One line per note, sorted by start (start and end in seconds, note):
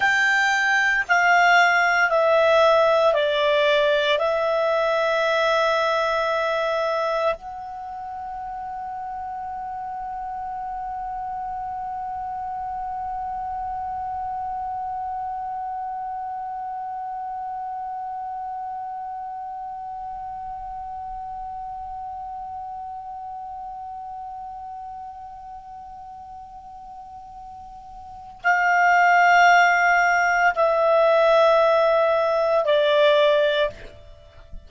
0.00 1.04 G5
1.08 2.10 F5
2.10 3.13 E5
3.13 4.18 D5
4.18 7.34 E5
7.36 28.41 F#5
28.43 30.54 F5
30.55 32.65 E5
32.65 33.70 D5